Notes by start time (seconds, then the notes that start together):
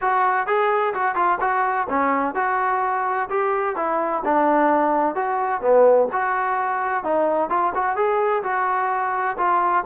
0.01 F#4
0.46 G#4
0.94 F#4
1.15 F4
1.40 F#4
1.89 C#4
2.35 F#4
3.29 G4
3.76 E4
4.24 D4
5.15 F#4
5.61 B3
6.12 F#4
7.04 D#4
7.49 F4
7.74 F#4
7.95 G#4
8.43 F#4
9.37 F4